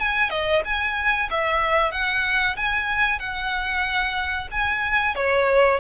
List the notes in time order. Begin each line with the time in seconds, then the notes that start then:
0.00 G#5
0.30 D#5
0.65 G#5
1.31 E5
1.92 F#5
2.57 G#5
3.20 F#5
4.52 G#5
5.16 C#5